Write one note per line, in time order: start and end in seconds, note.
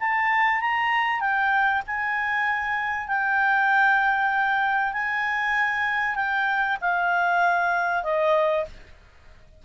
0.00 0.61 A5
0.61 1.20 A#5
1.20 1.82 G5
1.86 3.08 G#5
3.08 4.93 G5
4.93 6.15 G#5
6.15 6.77 G5
6.81 8.03 F5
8.03 8.65 D#5